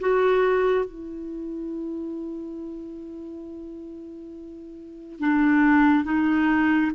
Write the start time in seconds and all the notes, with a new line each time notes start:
0.00 F#4
0.85 E4
5.19 D4
6.05 D#4